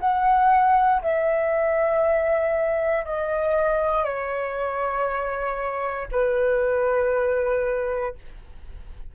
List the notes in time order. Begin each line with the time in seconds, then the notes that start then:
0.00 F#5
1.02 E5
3.05 D#5
4.04 C#5
6.12 B4